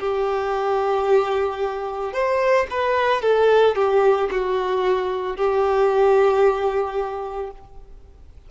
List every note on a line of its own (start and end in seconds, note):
0.00 2.14 G4
2.14 2.67 C5
2.71 3.22 B4
3.22 3.76 A4
3.76 4.30 G4
4.31 5.37 F#4
5.37 7.51 G4